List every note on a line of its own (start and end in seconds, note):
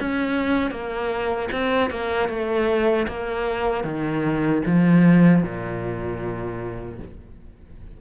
0.00 0.70 C#4
0.70 1.48 A#3
1.52 1.90 C4
1.90 2.28 A#3
2.28 3.06 A3
3.07 3.84 A#3
3.84 4.62 D#3
4.65 5.43 F3
5.43 6.99 A#2